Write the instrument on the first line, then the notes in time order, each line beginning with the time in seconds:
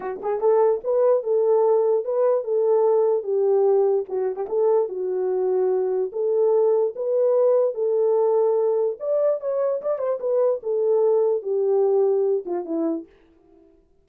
horn
0.00 F#4
0.22 G#4
0.40 A4
0.83 B4
1.23 A4
2.05 B4
2.44 A4
3.23 G4
4.09 F#4
4.36 G4
4.48 A4
4.88 F#4
6.12 A4
6.95 B4
7.74 A4
8.99 D5
9.40 C#5
9.81 D5
9.98 C5
10.20 B4
10.62 A4
11.42 G4
12.45 F4
12.65 E4